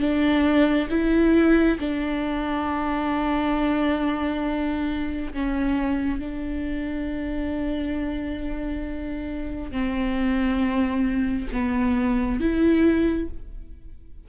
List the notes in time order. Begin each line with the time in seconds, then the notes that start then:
0.00 D4
0.90 E4
1.80 D4
5.33 C#4
6.19 D4
9.71 C4
11.52 B3
12.40 E4